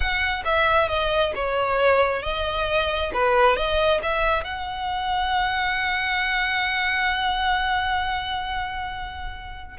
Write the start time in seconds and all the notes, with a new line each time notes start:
0.00 F#5
0.44 E5
0.88 D#5
1.35 C#5
2.22 D#5
3.13 B4
3.56 D#5
4.02 E5
4.43 F#5